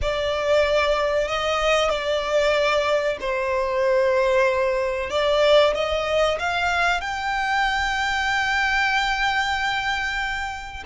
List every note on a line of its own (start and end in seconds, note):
0.01 1.28 D5
1.28 1.89 D#5
1.89 3.17 D5
3.20 5.09 C5
5.09 5.73 D5
5.74 6.38 D#5
6.39 7.00 F5
7.00 10.83 G5